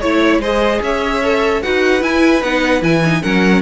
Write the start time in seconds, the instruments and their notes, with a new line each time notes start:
0.00 cello A3, viola E4, violin C#5
0.39 cello G#3, viola G#4, violin C5 D#5
0.82 cello C#4, violin C#5 E5
1.23 viola A4
1.62 cello D#4, viola F#4, violin B4 F#5
2.00 viola E4, cello E4, violin G#5
2.42 cello B3, viola D#4, violin F#5
2.81 cello E3, viola E4, violin G#5
3.05 viola D#4
3.21 cello F#3, viola C#4, violin A#4 F#5